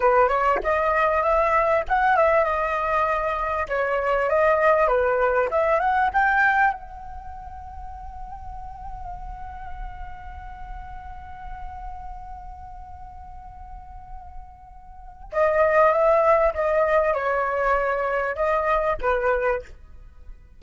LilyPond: \new Staff \with { instrumentName = "flute" } { \time 4/4 \tempo 4 = 98 b'8 cis''8 dis''4 e''4 fis''8 e''8 | dis''2 cis''4 dis''4 | b'4 e''8 fis''8 g''4 fis''4~ | fis''1~ |
fis''1~ | fis''1~ | fis''4 dis''4 e''4 dis''4 | cis''2 dis''4 b'4 | }